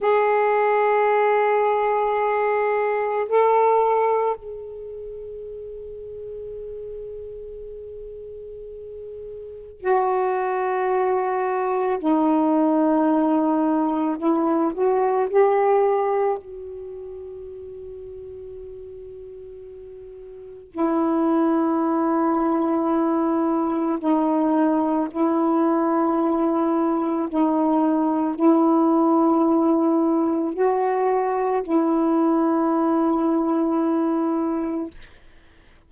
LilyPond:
\new Staff \with { instrumentName = "saxophone" } { \time 4/4 \tempo 4 = 55 gis'2. a'4 | gis'1~ | gis'4 fis'2 dis'4~ | dis'4 e'8 fis'8 g'4 fis'4~ |
fis'2. e'4~ | e'2 dis'4 e'4~ | e'4 dis'4 e'2 | fis'4 e'2. | }